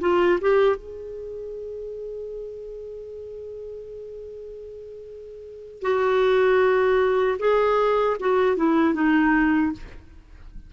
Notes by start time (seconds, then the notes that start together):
0.00 F4
0.41 G4
0.76 G#4
5.82 F#4
7.39 G#4
8.20 F#4
8.57 E4
8.94 D#4